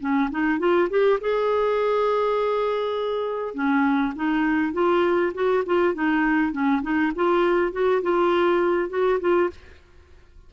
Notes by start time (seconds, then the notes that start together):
0.00 C#4
0.31 D#4
0.59 F4
0.90 G4
1.20 G#4
3.54 C#4
4.15 D#4
4.73 F4
5.34 F#4
5.66 F4
5.94 D#4
6.52 C#4
6.82 D#4
7.15 F4
7.72 F#4
8.02 F4
8.89 F#4
9.20 F4